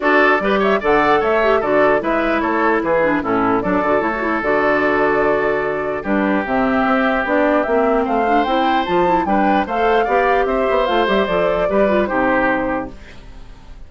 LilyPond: <<
  \new Staff \with { instrumentName = "flute" } { \time 4/4 \tempo 4 = 149 d''4. e''8 fis''4 e''4 | d''4 e''4 cis''4 b'4 | a'4 d''4 cis''4 d''4~ | d''2. b'4 |
e''2 d''4 e''4 | f''4 g''4 a''4 g''4 | f''2 e''4 f''8 e''8 | d''2 c''2 | }
  \new Staff \with { instrumentName = "oboe" } { \time 4/4 a'4 b'8 cis''8 d''4 cis''4 | a'4 b'4 a'4 gis'4 | e'4 a'2.~ | a'2. g'4~ |
g'1 | c''2. b'4 | c''4 d''4 c''2~ | c''4 b'4 g'2 | }
  \new Staff \with { instrumentName = "clarinet" } { \time 4/4 fis'4 g'4 a'4. g'8 | fis'4 e'2~ e'8 d'8 | cis'4 d'8 fis'8 e'16 fis'16 e'8 fis'4~ | fis'2. d'4 |
c'2 d'4 c'4~ | c'8 d'8 e'4 f'8 e'8 d'4 | a'4 g'2 f'8 g'8 | a'4 g'8 f'8 dis'2 | }
  \new Staff \with { instrumentName = "bassoon" } { \time 4/4 d'4 g4 d4 a4 | d4 gis4 a4 e4 | a,4 fis8 d8 a4 d4~ | d2. g4 |
c4 c'4 b4 ais4 | a4 c'4 f4 g4 | a4 b4 c'8 b8 a8 g8 | f4 g4 c2 | }
>>